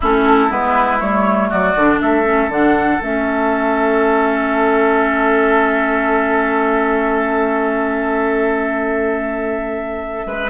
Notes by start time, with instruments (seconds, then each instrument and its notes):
0.00 bassoon A3, clarinet C#4, oboe E4, flute A4
0.49 bassoon G#3, clarinet B3, flute B4
0.99 bassoon G3, clarinet A3, flute C#5
1.49 bassoon F#3, oboe F#4, flute D5
1.75 bassoon D3, clarinet D4
2.00 bassoon A3, oboe A4, flute E5
2.24 clarinet C#4
2.48 bassoon D3, clarinet D4, flute F#5
3.01 bassoon A3, clarinet C#4, flute E5
10.25 bassoon G#3, oboe B4